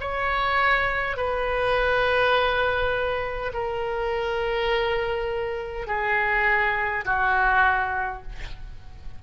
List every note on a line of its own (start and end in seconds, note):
0.00 1.17 C#5
1.17 3.52 B4
3.53 5.87 A#4
5.87 7.04 G#4
7.05 8.22 F#4